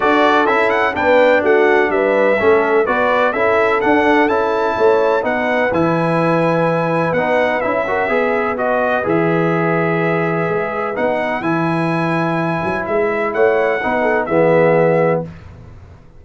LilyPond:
<<
  \new Staff \with { instrumentName = "trumpet" } { \time 4/4 \tempo 4 = 126 d''4 e''8 fis''8 g''4 fis''4 | e''2 d''4 e''4 | fis''4 a''2 fis''4 | gis''2. fis''4 |
e''2 dis''4 e''4~ | e''2. fis''4 | gis''2. e''4 | fis''2 e''2 | }
  \new Staff \with { instrumentName = "horn" } { \time 4/4 a'2 b'4 fis'4 | b'4 a'4 b'4 a'4~ | a'2 cis''4 b'4~ | b'1~ |
b'8 ais'8 b'2.~ | b'1~ | b'1 | cis''4 b'8 a'8 gis'2 | }
  \new Staff \with { instrumentName = "trombone" } { \time 4/4 fis'4 e'4 d'2~ | d'4 cis'4 fis'4 e'4 | d'4 e'2 dis'4 | e'2. dis'4 |
e'8 fis'8 gis'4 fis'4 gis'4~ | gis'2. dis'4 | e'1~ | e'4 dis'4 b2 | }
  \new Staff \with { instrumentName = "tuba" } { \time 4/4 d'4 cis'4 b4 a4 | g4 a4 b4 cis'4 | d'4 cis'4 a4 b4 | e2. b4 |
cis'4 b2 e4~ | e2 gis4 b4 | e2~ e8 fis8 gis4 | a4 b4 e2 | }
>>